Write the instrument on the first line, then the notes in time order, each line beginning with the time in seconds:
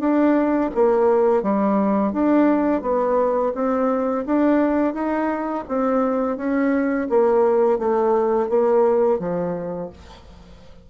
bassoon
0.00 D4
0.75 A#3
1.43 G3
2.13 D4
2.82 B3
3.55 C4
4.26 D4
4.94 D#4
5.69 C4
6.38 C#4
7.10 A#3
7.79 A3
8.49 A#3
9.19 F3